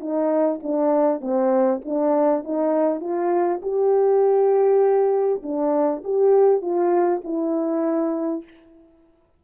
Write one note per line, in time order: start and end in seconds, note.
0.00 0.60 D#4
0.62 1.21 D4
1.21 1.81 C4
1.84 2.44 D4
2.44 3.00 D#4
3.00 3.60 F4
3.62 5.42 G4
5.42 6.02 D4
6.04 6.61 G4
6.61 7.21 F4
7.24 8.44 E4